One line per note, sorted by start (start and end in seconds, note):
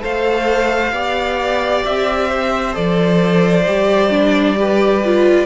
0.00 0.92 A3
0.00 0.91 A4
0.00 0.93 C5
0.00 1.85 F5
0.92 1.83 B3
0.92 2.72 G4
0.92 2.29 D5
1.85 2.77 C4
1.85 2.75 E5
2.29 4.57 C5
2.72 3.67 F3
2.72 3.63 A4
2.72 5.46 D5
3.67 5.46 G3
3.67 4.11 G4
4.11 4.56 D4
4.56 5.02 G4
4.56 5.46 B4
5.04 5.46 F4